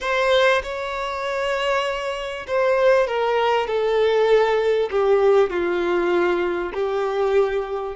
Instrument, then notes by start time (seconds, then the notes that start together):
violin
0.01 C5
0.63 C#5
2.47 C5
3.07 A#4
3.67 A4
4.91 G4
5.49 F4
6.73 G4